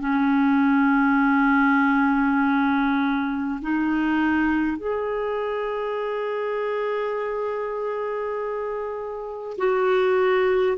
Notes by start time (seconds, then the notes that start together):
0.00 C#4
3.62 D#4
4.77 G#4
9.58 F#4